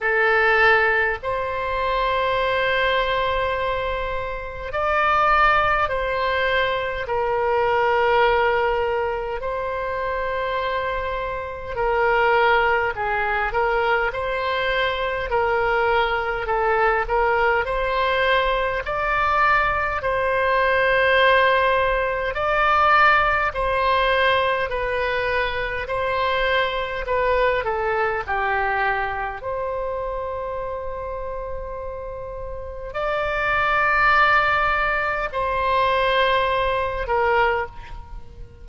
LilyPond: \new Staff \with { instrumentName = "oboe" } { \time 4/4 \tempo 4 = 51 a'4 c''2. | d''4 c''4 ais'2 | c''2 ais'4 gis'8 ais'8 | c''4 ais'4 a'8 ais'8 c''4 |
d''4 c''2 d''4 | c''4 b'4 c''4 b'8 a'8 | g'4 c''2. | d''2 c''4. ais'8 | }